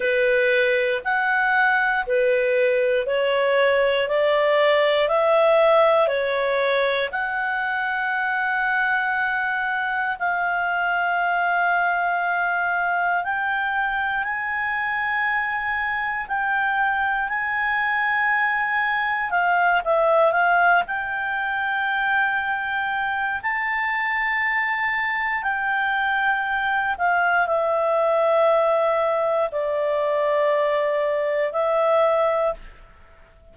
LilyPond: \new Staff \with { instrumentName = "clarinet" } { \time 4/4 \tempo 4 = 59 b'4 fis''4 b'4 cis''4 | d''4 e''4 cis''4 fis''4~ | fis''2 f''2~ | f''4 g''4 gis''2 |
g''4 gis''2 f''8 e''8 | f''8 g''2~ g''8 a''4~ | a''4 g''4. f''8 e''4~ | e''4 d''2 e''4 | }